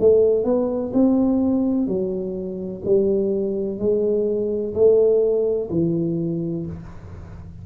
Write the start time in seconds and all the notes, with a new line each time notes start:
0.00 A3
0.44 B3
0.94 C4
1.87 F#3
2.85 G3
3.79 G#3
4.74 A3
5.70 E3